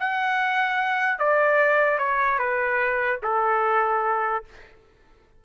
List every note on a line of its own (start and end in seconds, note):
0.00 1.19 F#5
1.19 1.99 D5
1.99 2.39 C#5
2.39 3.20 B4
3.23 4.45 A4